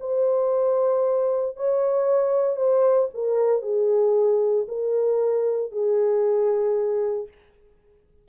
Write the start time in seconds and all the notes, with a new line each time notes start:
0.00 C5
1.57 C#5
2.57 C5
3.14 A#4
3.62 G#4
4.68 A#4
5.72 G#4